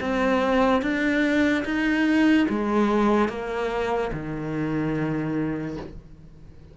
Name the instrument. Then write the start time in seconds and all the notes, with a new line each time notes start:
cello
0.00 C4
0.81 D4
1.64 D#4
2.49 G#3
3.28 A#3
4.12 D#3